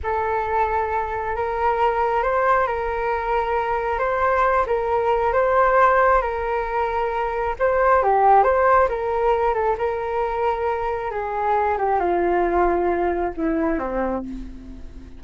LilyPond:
\new Staff \with { instrumentName = "flute" } { \time 4/4 \tempo 4 = 135 a'2. ais'4~ | ais'4 c''4 ais'2~ | ais'4 c''4. ais'4. | c''2 ais'2~ |
ais'4 c''4 g'4 c''4 | ais'4. a'8 ais'2~ | ais'4 gis'4. g'8 f'4~ | f'2 e'4 c'4 | }